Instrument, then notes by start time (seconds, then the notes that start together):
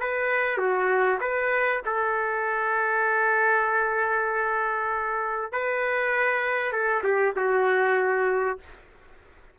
trumpet
0.00 B4
0.57 F#4
1.20 B4
1.85 A4
5.52 B4
6.72 A4
7.03 G4
7.36 F#4